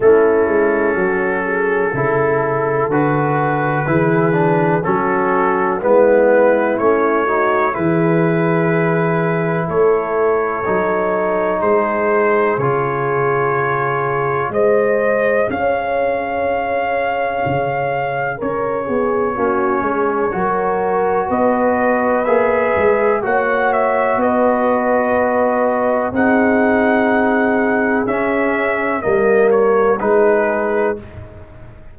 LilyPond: <<
  \new Staff \with { instrumentName = "trumpet" } { \time 4/4 \tempo 4 = 62 a'2. b'4~ | b'4 a'4 b'4 cis''4 | b'2 cis''2 | c''4 cis''2 dis''4 |
f''2. cis''4~ | cis''2 dis''4 e''4 | fis''8 e''8 dis''2 fis''4~ | fis''4 e''4 dis''8 cis''8 b'4 | }
  \new Staff \with { instrumentName = "horn" } { \time 4/4 e'4 fis'8 gis'8 a'2 | gis'4 fis'4 e'4. fis'8 | gis'2 a'2 | gis'2. c''4 |
cis''2. ais'8 gis'8 | fis'8 gis'8 ais'4 b'2 | cis''4 b'2 gis'4~ | gis'2 ais'4 gis'4 | }
  \new Staff \with { instrumentName = "trombone" } { \time 4/4 cis'2 e'4 fis'4 | e'8 d'8 cis'4 b4 cis'8 dis'8 | e'2. dis'4~ | dis'4 f'2 gis'4~ |
gis'1 | cis'4 fis'2 gis'4 | fis'2. dis'4~ | dis'4 cis'4 ais4 dis'4 | }
  \new Staff \with { instrumentName = "tuba" } { \time 4/4 a8 gis8 fis4 cis4 d4 | e4 fis4 gis4 a4 | e2 a4 fis4 | gis4 cis2 gis4 |
cis'2 cis4 cis'8 b8 | ais8 gis8 fis4 b4 ais8 gis8 | ais4 b2 c'4~ | c'4 cis'4 g4 gis4 | }
>>